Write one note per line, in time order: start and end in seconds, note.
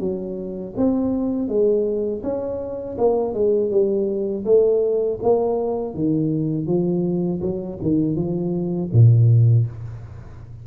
0.00 0.74 F#3
0.77 1.48 C4
1.48 2.23 G#3
2.24 2.98 C#4
2.98 3.34 A#3
3.34 3.71 G#3
3.71 4.45 G3
4.46 5.20 A3
5.23 5.95 A#3
5.95 6.67 D#3
6.67 7.41 F3
7.42 7.79 F#3
7.82 8.16 D#3
8.16 8.91 F3
8.93 9.67 A#2